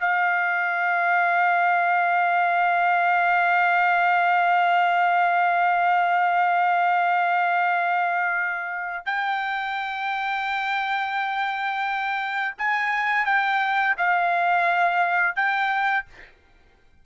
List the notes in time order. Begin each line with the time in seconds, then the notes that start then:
0.00 F5
9.06 G5
12.58 G#5
13.26 G5
13.98 F5
15.36 G5